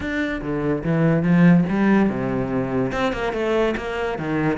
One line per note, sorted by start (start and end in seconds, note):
0.00 0.41 D4
0.41 0.83 D3
0.83 1.22 E3
1.22 1.64 F3
1.69 2.09 G3
2.09 2.92 C3
2.92 3.12 C4
3.12 3.33 A#3
3.33 3.74 A3
3.76 4.18 A#3
4.18 4.58 D#3